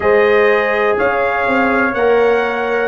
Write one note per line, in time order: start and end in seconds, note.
0.00 0.96 G#3
0.00 1.91 G#4
0.00 0.98 C5
0.00 0.97 D#5
0.98 1.46 C#4
0.98 2.88 C#5
0.98 1.94 F5
1.46 1.94 C4
1.94 2.88 A#3
1.94 2.88 A#4
1.94 2.88 F#5